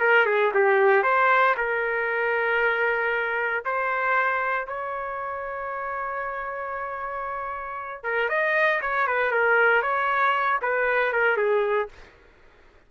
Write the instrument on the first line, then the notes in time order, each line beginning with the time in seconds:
trumpet
0.00 A#4
0.26 G#4
0.54 G4
1.03 C5
1.57 A#4
3.65 C5
4.67 C#5
8.03 A#4
8.29 D#5
8.81 C#5
9.07 B4
9.31 A#4
9.82 C#5
10.62 B4
11.13 A#4
11.37 G#4